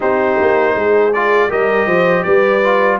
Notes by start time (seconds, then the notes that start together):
0.00 C4 D#4 G4 C5
0.40 A#3
0.75 G#3 G#4
1.13 F4 D5
1.48 G3 G4 A#4 D#5
1.86 F3 C5
2.23 G3 B4 D5
2.63 F4